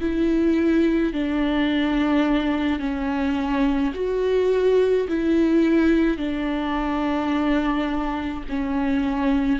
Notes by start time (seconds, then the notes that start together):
0.00 E4
1.13 D4
2.79 C#4
3.94 F#4
5.08 E4
6.17 D4
8.49 C#4